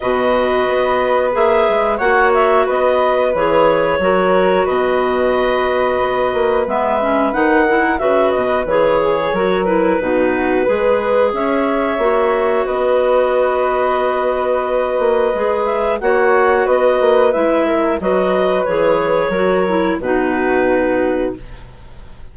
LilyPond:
<<
  \new Staff \with { instrumentName = "clarinet" } { \time 4/4 \tempo 4 = 90 dis''2 e''4 fis''8 e''8 | dis''4 cis''2 dis''4~ | dis''2 e''4 fis''4 | e''8 dis''8 cis''4. b'4.~ |
b'4 e''2 dis''4~ | dis''2.~ dis''8 e''8 | fis''4 dis''4 e''4 dis''4 | cis''2 b'2 | }
  \new Staff \with { instrumentName = "flute" } { \time 4/4 b'2. cis''4 | b'2 ais'4 b'4~ | b'2.~ b'8 ais'8 | b'4. gis'8 ais'4 fis'4 |
b'4 cis''2 b'4~ | b'1 | cis''4 b'4. ais'8 b'4~ | b'4 ais'4 fis'2 | }
  \new Staff \with { instrumentName = "clarinet" } { \time 4/4 fis'2 gis'4 fis'4~ | fis'4 gis'4 fis'2~ | fis'2 b8 cis'8 dis'8 e'8 | fis'4 gis'4 fis'8 e'8 dis'4 |
gis'2 fis'2~ | fis'2. gis'4 | fis'2 e'4 fis'4 | gis'4 fis'8 e'8 dis'2 | }
  \new Staff \with { instrumentName = "bassoon" } { \time 4/4 b,4 b4 ais8 gis8 ais4 | b4 e4 fis4 b,4~ | b,4 b8 ais8 gis4 dis4 | cis8 b,8 e4 fis4 b,4 |
gis4 cis'4 ais4 b4~ | b2~ b8 ais8 gis4 | ais4 b8 ais8 gis4 fis4 | e4 fis4 b,2 | }
>>